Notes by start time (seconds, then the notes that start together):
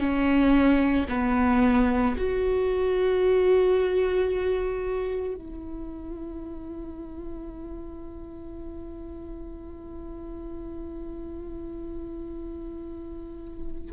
0.00 C#4
1.09 B3
2.17 F#4
5.35 E4